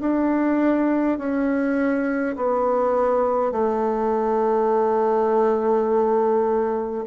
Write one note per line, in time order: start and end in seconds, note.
0.00 1.18 D4
1.18 2.35 C#4
2.36 3.52 B3
3.52 7.05 A3